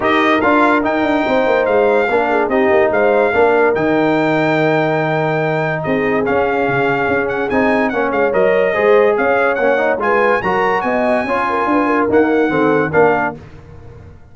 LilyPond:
<<
  \new Staff \with { instrumentName = "trumpet" } { \time 4/4 \tempo 4 = 144 dis''4 f''4 g''2 | f''2 dis''4 f''4~ | f''4 g''2.~ | g''2 dis''4 f''4~ |
f''4. fis''8 gis''4 fis''8 f''8 | dis''2 f''4 fis''4 | gis''4 ais''4 gis''2~ | gis''4 fis''2 f''4 | }
  \new Staff \with { instrumentName = "horn" } { \time 4/4 ais'2. c''4~ | c''4 ais'8 gis'8 g'4 c''4 | ais'1~ | ais'2 gis'2~ |
gis'2. cis''4~ | cis''4 c''4 cis''2 | b'4 ais'4 dis''4 cis''8 ais'8 | b'8 ais'4. a'4 ais'4 | }
  \new Staff \with { instrumentName = "trombone" } { \time 4/4 g'4 f'4 dis'2~ | dis'4 d'4 dis'2 | d'4 dis'2.~ | dis'2. cis'4~ |
cis'2 dis'4 cis'4 | ais'4 gis'2 cis'8 dis'8 | f'4 fis'2 f'4~ | f'4 ais4 c'4 d'4 | }
  \new Staff \with { instrumentName = "tuba" } { \time 4/4 dis'4 d'4 dis'8 d'8 c'8 ais8 | gis4 ais4 c'8 ais8 gis4 | ais4 dis2.~ | dis2 c'4 cis'4 |
cis4 cis'4 c'4 ais8 gis8 | fis4 gis4 cis'4 ais4 | gis4 fis4 b4 cis'4 | d'4 dis'4 dis4 ais4 | }
>>